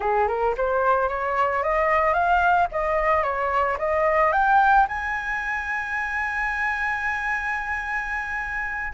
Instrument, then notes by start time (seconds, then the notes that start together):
flute
0.00 G#4
0.27 A#4
0.57 C5
1.09 C#5
1.63 D#5
2.13 F5
2.71 D#5
3.23 C#5
3.78 D#5
4.32 G5
4.87 G#5